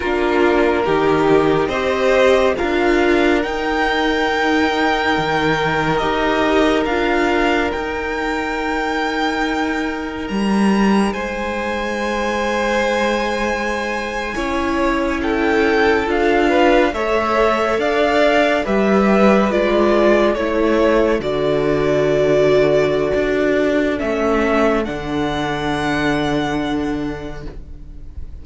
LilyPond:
<<
  \new Staff \with { instrumentName = "violin" } { \time 4/4 \tempo 4 = 70 ais'2 dis''4 f''4 | g''2. dis''4 | f''4 g''2. | ais''4 gis''2.~ |
gis''4.~ gis''16 g''4 f''4 e''16~ | e''8. f''4 e''4 d''4 cis''16~ | cis''8. d''2.~ d''16 | e''4 fis''2. | }
  \new Staff \with { instrumentName = "violin" } { \time 4/4 f'4 g'4 c''4 ais'4~ | ais'1~ | ais'1~ | ais'4 c''2.~ |
c''8. cis''4 a'4. b'8 cis''16~ | cis''8. d''4 b'2 a'16~ | a'1~ | a'1 | }
  \new Staff \with { instrumentName = "viola" } { \time 4/4 d'4 dis'4 g'4 f'4 | dis'2. g'4 | f'4 dis'2.~ | dis'1~ |
dis'8. e'2 f'4 a'16~ | a'4.~ a'16 g'4 f'4 e'16~ | e'8. fis'2.~ fis'16 | cis'4 d'2. | }
  \new Staff \with { instrumentName = "cello" } { \time 4/4 ais4 dis4 c'4 d'4 | dis'2 dis4 dis'4 | d'4 dis'2. | g4 gis2.~ |
gis8. cis'2 d'4 a16~ | a8. d'4 g4 gis4 a16~ | a8. d2~ d16 d'4 | a4 d2. | }
>>